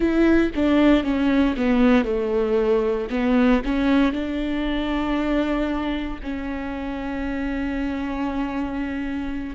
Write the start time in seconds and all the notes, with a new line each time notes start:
0.00 E4
0.55 D4
1.03 C#4
1.56 B3
2.04 A3
3.10 B3
3.64 C#4
4.12 D4
6.23 C#4